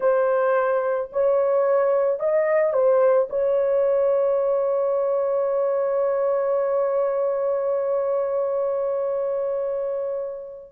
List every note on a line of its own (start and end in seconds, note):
0.00 1.09 C5
1.12 2.19 C#5
2.19 2.73 D#5
2.73 3.28 C5
3.29 10.71 C#5